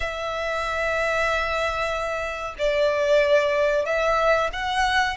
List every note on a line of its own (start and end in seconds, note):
0.00 2.55 E5
2.58 3.85 D5
3.85 4.50 E5
4.52 5.16 F#5